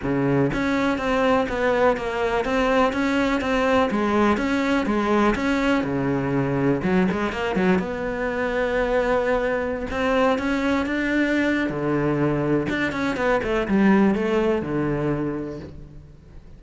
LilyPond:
\new Staff \with { instrumentName = "cello" } { \time 4/4 \tempo 4 = 123 cis4 cis'4 c'4 b4 | ais4 c'4 cis'4 c'4 | gis4 cis'4 gis4 cis'4 | cis2 fis8 gis8 ais8 fis8 |
b1~ | b16 c'4 cis'4 d'4.~ d'16 | d2 d'8 cis'8 b8 a8 | g4 a4 d2 | }